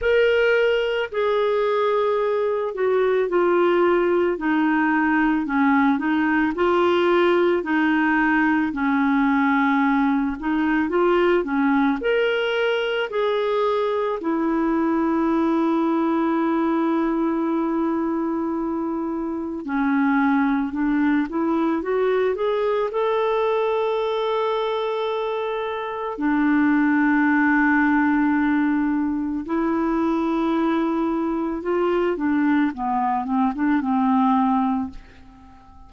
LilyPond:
\new Staff \with { instrumentName = "clarinet" } { \time 4/4 \tempo 4 = 55 ais'4 gis'4. fis'8 f'4 | dis'4 cis'8 dis'8 f'4 dis'4 | cis'4. dis'8 f'8 cis'8 ais'4 | gis'4 e'2.~ |
e'2 cis'4 d'8 e'8 | fis'8 gis'8 a'2. | d'2. e'4~ | e'4 f'8 d'8 b8 c'16 d'16 c'4 | }